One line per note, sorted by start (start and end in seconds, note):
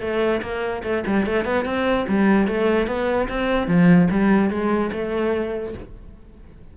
0.00 0.41 A3
0.42 0.82 A#3
0.83 1.04 A3
1.06 1.25 G3
1.25 1.45 A3
1.45 1.65 B3
1.65 2.06 C4
2.08 2.47 G3
2.47 2.87 A3
2.87 3.28 B3
3.28 3.67 C4
3.67 4.08 F3
4.10 4.50 G3
4.50 4.91 G#3
4.92 5.74 A3